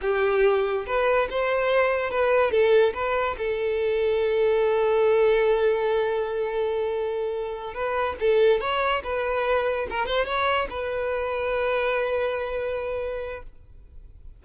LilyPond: \new Staff \with { instrumentName = "violin" } { \time 4/4 \tempo 4 = 143 g'2 b'4 c''4~ | c''4 b'4 a'4 b'4 | a'1~ | a'1~ |
a'2~ a'8 b'4 a'8~ | a'8 cis''4 b'2 ais'8 | c''8 cis''4 b'2~ b'8~ | b'1 | }